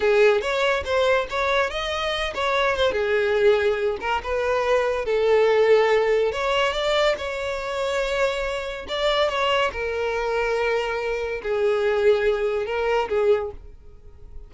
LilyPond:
\new Staff \with { instrumentName = "violin" } { \time 4/4 \tempo 4 = 142 gis'4 cis''4 c''4 cis''4 | dis''4. cis''4 c''8 gis'4~ | gis'4. ais'8 b'2 | a'2. cis''4 |
d''4 cis''2.~ | cis''4 d''4 cis''4 ais'4~ | ais'2. gis'4~ | gis'2 ais'4 gis'4 | }